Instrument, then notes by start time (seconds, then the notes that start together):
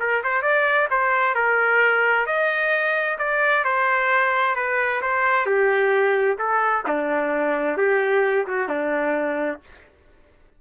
trumpet
0.00 A#4
0.24 C5
0.42 D5
0.91 C5
1.35 A#4
2.27 D#5
3.19 D5
3.65 C5
4.56 B4
5.02 C5
5.46 G4
6.39 A4
6.87 D4
7.78 G4
8.47 F#4
8.69 D4